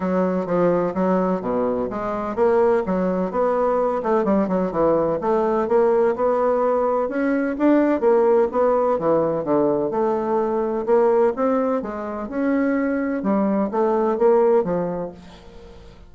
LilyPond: \new Staff \with { instrumentName = "bassoon" } { \time 4/4 \tempo 4 = 127 fis4 f4 fis4 b,4 | gis4 ais4 fis4 b4~ | b8 a8 g8 fis8 e4 a4 | ais4 b2 cis'4 |
d'4 ais4 b4 e4 | d4 a2 ais4 | c'4 gis4 cis'2 | g4 a4 ais4 f4 | }